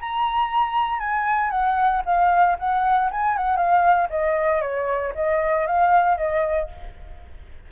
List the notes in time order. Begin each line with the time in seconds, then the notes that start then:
0.00 A#5
0.99 G#5
1.50 F#5
2.05 F5
2.59 F#5
3.11 G#5
3.37 F#5
3.56 F5
4.10 D#5
4.61 C#5
5.15 D#5
5.66 F5
6.17 D#5